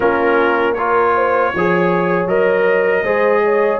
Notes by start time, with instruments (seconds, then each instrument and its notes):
0.00 tuba A#3, trombone C#4, horn F4, trumpet A#4
0.74 trombone F4, horn A#4, trumpet C#5
1.15 horn C5
1.54 tuba F3, trombone G#4, horn C#5
2.26 tuba F#3, trombone A#4, trumpet D#5
3.02 tuba G#3, trombone G#4, horn C5
3.44 horn C#5